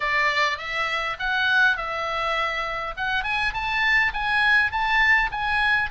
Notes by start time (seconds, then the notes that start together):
0.00 D5
0.58 E5
1.19 F#5
1.76 E5
2.96 F#5
3.23 G#5
3.53 A5
4.13 G#5
4.71 A5
5.31 G#5